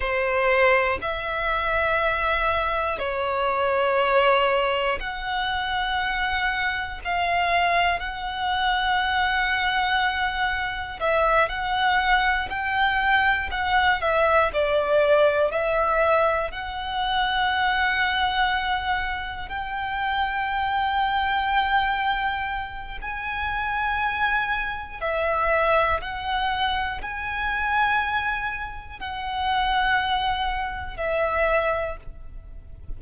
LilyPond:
\new Staff \with { instrumentName = "violin" } { \time 4/4 \tempo 4 = 60 c''4 e''2 cis''4~ | cis''4 fis''2 f''4 | fis''2. e''8 fis''8~ | fis''8 g''4 fis''8 e''8 d''4 e''8~ |
e''8 fis''2. g''8~ | g''2. gis''4~ | gis''4 e''4 fis''4 gis''4~ | gis''4 fis''2 e''4 | }